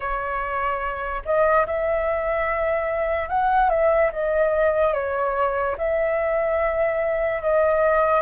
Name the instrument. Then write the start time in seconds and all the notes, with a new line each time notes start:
flute
0.00 C#5
1.25 D#5
1.66 E5
3.28 F#5
3.69 E5
4.11 D#5
4.93 C#5
5.77 E5
7.42 D#5